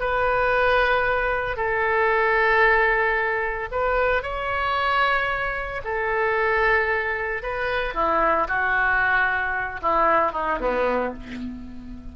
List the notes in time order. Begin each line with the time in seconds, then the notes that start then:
0.00 B4
1.57 A4
3.72 B4
4.23 C#5
5.84 A4
7.43 B4
7.95 E4
8.48 F#4
9.82 E4
10.32 D#4
10.60 B3